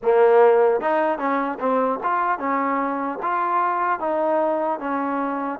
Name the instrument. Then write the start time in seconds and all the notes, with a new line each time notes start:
trombone
0.02 A#3
0.80 D#4
1.18 C#4
1.59 C4
2.03 F4
2.38 C#4
3.22 F4
3.99 D#4
4.79 C#4